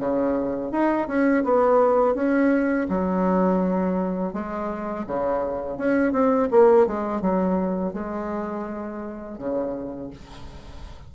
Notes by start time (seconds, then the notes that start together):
0.00 C#3
0.72 D#4
1.08 C#4
1.45 B3
2.15 C#4
2.89 F#3
4.33 G#3
5.07 C#3
5.78 C#4
6.13 C4
6.51 A#3
6.87 G#3
7.22 F#3
7.94 G#3
9.38 C#3